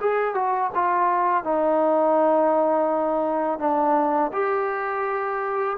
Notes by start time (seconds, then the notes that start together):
0.00 G#4
0.35 F#4
0.75 F4
1.44 D#4
3.59 D4
4.32 G4